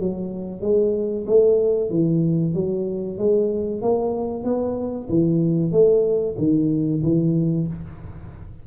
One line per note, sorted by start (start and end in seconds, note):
0.00 0.62 F#3
0.62 1.25 G#3
1.26 1.90 A3
1.90 2.54 E3
2.54 3.18 F#3
3.18 3.82 G#3
3.82 4.44 A#3
4.44 5.08 B3
5.09 5.72 E3
5.72 6.36 A3
6.38 7.02 D#3
7.03 7.67 E3